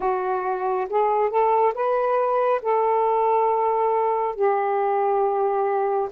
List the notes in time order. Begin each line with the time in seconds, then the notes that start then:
0.00 F#4
0.89 G#4
1.30 A4
1.74 B4
2.62 A4
4.35 G4